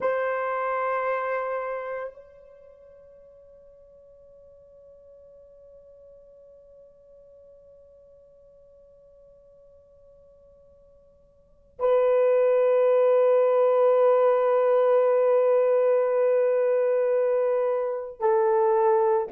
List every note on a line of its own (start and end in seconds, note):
0.00 2.13 C5
2.13 11.78 C#5
11.79 18.19 B4
18.19 19.27 A4